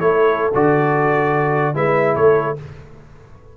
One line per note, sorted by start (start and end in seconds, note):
0.00 0.52 A3
0.00 0.52 E4
0.00 1.75 A4
0.00 0.51 C#5
0.54 1.75 D3
0.54 1.74 F#4
0.54 1.76 D5
1.74 2.16 G#3
1.74 2.56 E4
1.74 2.16 B4
1.74 2.16 E5
2.16 2.57 A3
2.16 2.57 A4
2.16 2.57 C#5